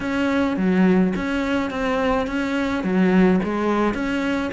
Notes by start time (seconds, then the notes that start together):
0.00 C#4
0.56 F#3
1.16 C#4
1.70 C4
2.26 C#4
2.83 F#3
3.43 G#3
3.94 C#4